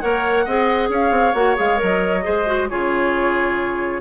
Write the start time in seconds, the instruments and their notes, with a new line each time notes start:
0.00 bassoon A#3, clarinet A#4, oboe C#5, flute F#5
0.45 bassoon C4, clarinet G#4, oboe D#5
0.89 bassoon C#4, oboe C#5, flute F5
1.11 bassoon C4
1.34 bassoon A#3, clarinet F#4, flute F#5
1.56 bassoon G#3, clarinet G#4, flute F5
1.76 clarinet A#4
1.82 bassoon F#3, flute D#5
2.23 bassoon G#3, clarinet G#4, oboe C5
2.46 clarinet F#4
2.69 bassoon C#3, clarinet F4, oboe G#4, flute C#5